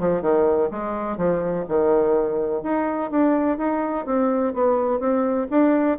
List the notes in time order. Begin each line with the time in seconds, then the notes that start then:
0.00 F3
0.22 D#3
0.71 G#3
1.18 F3
1.69 D#3
2.63 D#4
3.11 D4
3.58 D#4
4.06 C4
4.54 B3
5.00 C4
5.51 D4